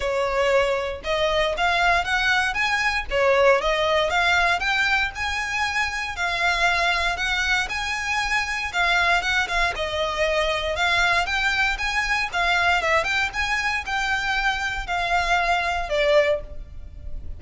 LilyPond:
\new Staff \with { instrumentName = "violin" } { \time 4/4 \tempo 4 = 117 cis''2 dis''4 f''4 | fis''4 gis''4 cis''4 dis''4 | f''4 g''4 gis''2 | f''2 fis''4 gis''4~ |
gis''4 f''4 fis''8 f''8 dis''4~ | dis''4 f''4 g''4 gis''4 | f''4 e''8 g''8 gis''4 g''4~ | g''4 f''2 d''4 | }